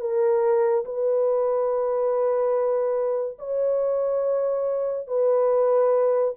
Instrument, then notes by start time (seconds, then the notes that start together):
horn
0.00 A#4
0.85 B4
3.38 C#5
5.07 B4